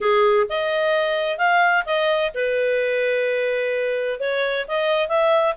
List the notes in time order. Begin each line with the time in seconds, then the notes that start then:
0.00 G#4
0.49 D#5
1.38 F5
1.85 D#5
2.34 B4
4.19 C#5
4.67 D#5
5.08 E5